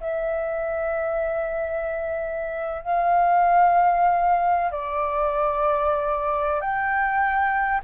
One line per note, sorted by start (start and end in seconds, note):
0.00 2.82 E5
2.82 4.71 F5
4.71 6.61 D5
6.61 7.81 G5